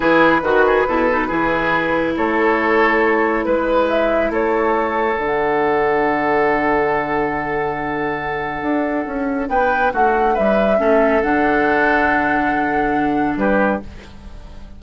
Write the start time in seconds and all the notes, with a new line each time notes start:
0.00 E3 E4 G#4 B4
0.42 D#3 F#4
0.66 G#4
0.87 B2 E4 A4
1.10 D#4
1.27 E3 E4 G#4
2.17 A3 A4 C#5
3.45 G#3 B4
3.88 E5
4.30 A3 A4 C#5
5.17 D3 D4 F#5
8.62 D4
9.06 C#4
9.48 B3 B4 G5
9.92 A3 F#4 F#5
10.34 G3 B4 E5
10.78 A3 C#4 A4
11.22 D3 D4 F#5
13.36 G3 G4 B4